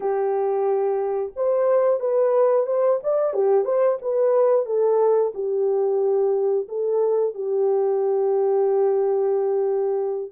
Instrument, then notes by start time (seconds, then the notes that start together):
horn
0.00 G4
1.35 C5
2.00 B4
2.66 C5
3.03 D5
3.33 G4
3.65 C5
4.01 B4
4.65 A4
5.34 G4
6.68 A4
7.34 G4